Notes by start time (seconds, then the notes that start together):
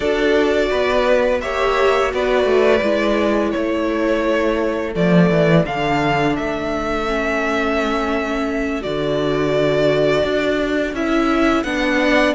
0.00 D4 F#4 A4 D5
0.70 B3 B4
1.41 A#3 G4 C#5 E5
2.08 B3 F#4 B4 D5
2.44 A3
2.82 G#3 E4
3.51 A3 A4 C#5
4.93 F3 A3 D5
5.30 E3
5.65 D3 D4 F5
6.36 A3 E5
7.06 C#4
8.81 D3 F#4 D5
10.23 D4
10.93 C#4 E4 E5
11.63 B3 D4 F#5
12.01 D5